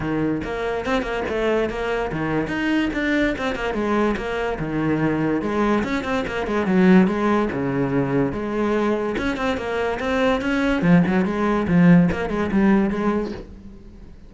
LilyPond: \new Staff \with { instrumentName = "cello" } { \time 4/4 \tempo 4 = 144 dis4 ais4 c'8 ais8 a4 | ais4 dis4 dis'4 d'4 | c'8 ais8 gis4 ais4 dis4~ | dis4 gis4 cis'8 c'8 ais8 gis8 |
fis4 gis4 cis2 | gis2 cis'8 c'8 ais4 | c'4 cis'4 f8 fis8 gis4 | f4 ais8 gis8 g4 gis4 | }